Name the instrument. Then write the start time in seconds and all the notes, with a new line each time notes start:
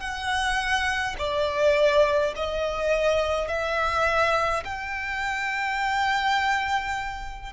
violin
0.00 F#5
1.19 D5
2.36 D#5
3.48 E5
4.64 G5